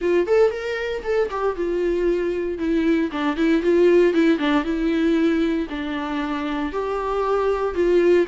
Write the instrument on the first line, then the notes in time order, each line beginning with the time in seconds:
viola
0.01 F4
0.26 A4
0.51 A#4
1.03 A4
1.30 G4
1.56 F4
2.58 E4
3.11 D4
3.36 E4
3.62 F4
4.13 E4
4.38 D4
4.64 E4
5.69 D4
6.72 G4
7.74 F4